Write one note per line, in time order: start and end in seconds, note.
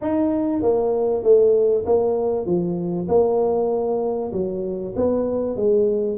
0.01 0.62 D#4
0.62 1.23 A#3
1.23 1.84 A3
1.85 2.45 A#3
2.45 3.07 F3
3.08 4.32 A#3
4.32 4.94 F#3
4.96 5.56 B3
5.56 6.17 G#3